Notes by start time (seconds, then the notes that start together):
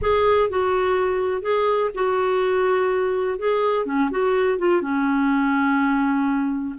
0.01 G#4
0.49 F#4
1.42 G#4
1.94 F#4
3.38 G#4
3.85 C#4
4.10 F#4
4.58 F4
4.81 C#4